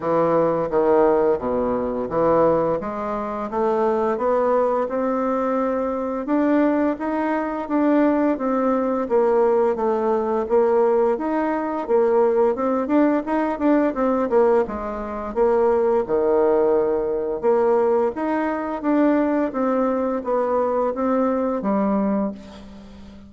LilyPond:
\new Staff \with { instrumentName = "bassoon" } { \time 4/4 \tempo 4 = 86 e4 dis4 b,4 e4 | gis4 a4 b4 c'4~ | c'4 d'4 dis'4 d'4 | c'4 ais4 a4 ais4 |
dis'4 ais4 c'8 d'8 dis'8 d'8 | c'8 ais8 gis4 ais4 dis4~ | dis4 ais4 dis'4 d'4 | c'4 b4 c'4 g4 | }